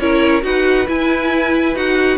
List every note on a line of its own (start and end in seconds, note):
0.00 0.44 C#4
0.00 0.42 E4
0.00 0.45 A#4
0.00 0.44 C#5
0.42 0.88 D#4
0.42 0.86 F#4
0.42 2.18 B4
0.42 0.88 F#5
0.87 1.75 E4
0.87 1.76 E4
0.87 1.77 G#5
1.76 2.18 D#4
1.76 2.18 F#4
1.76 2.18 F#5